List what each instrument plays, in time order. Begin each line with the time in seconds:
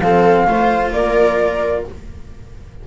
0.00 double bass F3, cello C4, viola A4, flute F5
0.47 double bass A3, cello F4, viola C5
0.92 double bass A#3, viola A#4, flute D5